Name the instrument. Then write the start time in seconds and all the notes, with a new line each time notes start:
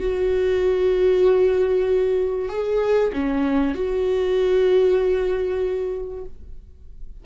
viola
0.00 F#4
2.49 G#4
3.13 C#4
3.75 F#4